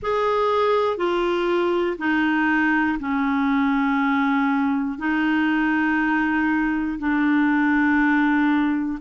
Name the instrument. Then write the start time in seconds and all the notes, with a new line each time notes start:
clarinet
0.02 G#4
0.97 F4
1.98 D#4
3.00 C#4
4.98 D#4
6.99 D4